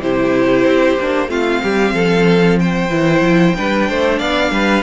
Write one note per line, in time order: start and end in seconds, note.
0.00 0.65 C3
0.00 0.98 E4
0.00 1.30 G4
0.00 1.30 C5
0.66 0.98 C4
1.00 1.29 A#3
1.00 1.27 D4
1.27 1.61 A3
1.27 2.89 C4
1.27 1.62 F4
1.27 2.59 F5
1.63 1.93 G3
1.63 1.95 G4
1.93 2.90 F3
1.93 2.59 A4
2.59 3.56 C5
2.59 4.18 G5
2.90 3.21 E3
2.90 3.55 E4
3.21 3.54 F3
3.56 3.90 G3
3.56 4.82 D4
3.56 3.89 B4
3.89 4.20 A3
3.89 4.19 C5
4.18 4.51 B3
4.18 4.51 D5
4.18 4.82 F5
4.51 4.82 G3
4.51 4.82 B4